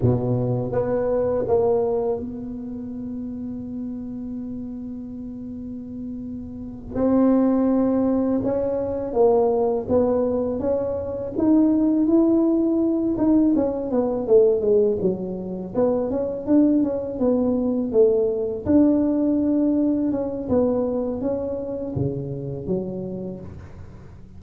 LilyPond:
\new Staff \with { instrumentName = "tuba" } { \time 4/4 \tempo 4 = 82 b,4 b4 ais4 b4~ | b1~ | b4. c'2 cis'8~ | cis'8 ais4 b4 cis'4 dis'8~ |
dis'8 e'4. dis'8 cis'8 b8 a8 | gis8 fis4 b8 cis'8 d'8 cis'8 b8~ | b8 a4 d'2 cis'8 | b4 cis'4 cis4 fis4 | }